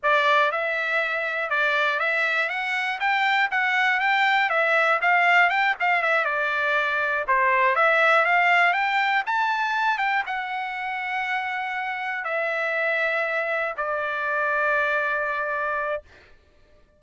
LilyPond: \new Staff \with { instrumentName = "trumpet" } { \time 4/4 \tempo 4 = 120 d''4 e''2 d''4 | e''4 fis''4 g''4 fis''4 | g''4 e''4 f''4 g''8 f''8 | e''8 d''2 c''4 e''8~ |
e''8 f''4 g''4 a''4. | g''8 fis''2.~ fis''8~ | fis''8 e''2. d''8~ | d''1 | }